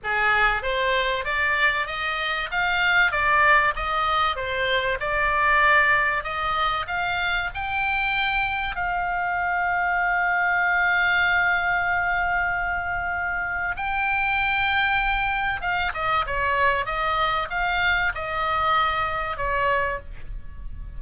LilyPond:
\new Staff \with { instrumentName = "oboe" } { \time 4/4 \tempo 4 = 96 gis'4 c''4 d''4 dis''4 | f''4 d''4 dis''4 c''4 | d''2 dis''4 f''4 | g''2 f''2~ |
f''1~ | f''2 g''2~ | g''4 f''8 dis''8 cis''4 dis''4 | f''4 dis''2 cis''4 | }